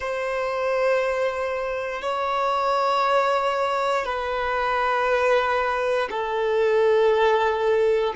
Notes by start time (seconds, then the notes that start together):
0.00 C5
2.02 C#5
4.05 B4
6.10 A4